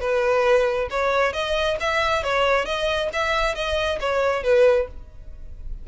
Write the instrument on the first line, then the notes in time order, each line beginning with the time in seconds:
violin
0.00 B4
0.90 C#5
1.33 D#5
1.80 E5
2.23 C#5
2.65 D#5
3.13 E5
3.55 D#5
4.00 C#5
4.43 B4